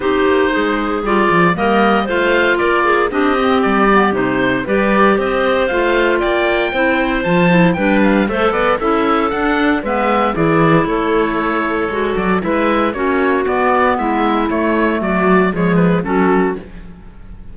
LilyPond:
<<
  \new Staff \with { instrumentName = "oboe" } { \time 4/4 \tempo 4 = 116 c''2 d''4 dis''4 | f''4 d''4 dis''4 d''4 | c''4 d''4 dis''4 f''4 | g''2 a''4 g''8 f''8 |
e''8 d''8 e''4 fis''4 e''4 | d''4 cis''2~ cis''8 d''8 | e''4 cis''4 d''4 e''4 | cis''4 d''4 cis''8 b'8 a'4 | }
  \new Staff \with { instrumentName = "clarinet" } { \time 4/4 g'4 gis'2 ais'4 | c''4 ais'8 gis'8 g'2~ | g'4 b'4 c''2 | d''4 c''2 b'4 |
c''8 b'8 a'2 b'4 | gis'4 a'2. | b'4 fis'2 e'4~ | e'4 fis'4 gis'4 fis'4 | }
  \new Staff \with { instrumentName = "clarinet" } { \time 4/4 dis'2 f'4 ais4 | f'2 d'8 c'4 b8 | dis'4 g'2 f'4~ | f'4 e'4 f'8 e'8 d'4 |
a'4 e'4 d'4 b4 | e'2. fis'4 | e'4 cis'4 b2 | a2 gis4 cis'4 | }
  \new Staff \with { instrumentName = "cello" } { \time 4/4 c'8 ais8 gis4 g8 f8 g4 | a4 ais4 c'4 g4 | c4 g4 c'4 a4 | ais4 c'4 f4 g4 |
a8 b8 cis'4 d'4 gis4 | e4 a2 gis8 fis8 | gis4 ais4 b4 gis4 | a4 fis4 f4 fis4 | }
>>